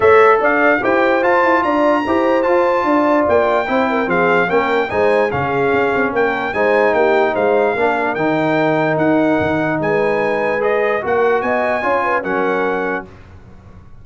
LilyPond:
<<
  \new Staff \with { instrumentName = "trumpet" } { \time 4/4 \tempo 4 = 147 e''4 f''4 g''4 a''4 | ais''2 a''2 | g''2 f''4 g''4 | gis''4 f''2 g''4 |
gis''4 g''4 f''2 | g''2 fis''2 | gis''2 dis''4 fis''4 | gis''2 fis''2 | }
  \new Staff \with { instrumentName = "horn" } { \time 4/4 cis''4 d''4 c''2 | d''4 c''2 d''4~ | d''4 c''8 ais'8 gis'4 ais'4 | c''4 gis'2 ais'4 |
c''4 g'4 c''4 ais'4~ | ais'1 | b'2. ais'4 | dis''4 cis''8 b'8 ais'2 | }
  \new Staff \with { instrumentName = "trombone" } { \time 4/4 a'2 g'4 f'4~ | f'4 g'4 f'2~ | f'4 e'4 c'4 cis'4 | dis'4 cis'2. |
dis'2. d'4 | dis'1~ | dis'2 gis'4 fis'4~ | fis'4 f'4 cis'2 | }
  \new Staff \with { instrumentName = "tuba" } { \time 4/4 a4 d'4 e'4 f'8 e'8 | d'4 e'4 f'4 d'4 | ais4 c'4 f4 ais4 | gis4 cis4 cis'8 c'8 ais4 |
gis4 ais4 gis4 ais4 | dis2 dis'4 dis4 | gis2. ais4 | b4 cis'4 fis2 | }
>>